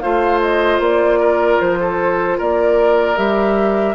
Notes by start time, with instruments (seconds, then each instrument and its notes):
0.00 bassoon A3, clarinet F4, oboe C5, flute F5
0.41 flute D#5
0.79 bassoon A#3, flute D5
1.20 oboe A#4
1.61 bassoon F3, flute C5
1.80 oboe A4
2.38 bassoon A#3, oboe A#4, flute D5
3.17 bassoon G3, clarinet G4, flute E5